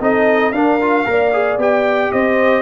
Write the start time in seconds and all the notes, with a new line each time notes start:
0.00 C4 D#4 A4 D#5
0.52 D4 A#4 F5
0.81 F4
1.05 A#3 A#4 D5
1.33 G#4
1.57 B3 G4 G5
2.12 C4 C5 D#5